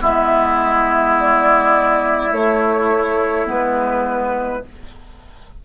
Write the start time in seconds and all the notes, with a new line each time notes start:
0.00 G#3 B3 E4 E5
1.19 D5
2.31 A3 C#5
3.46 G#3 B3 B4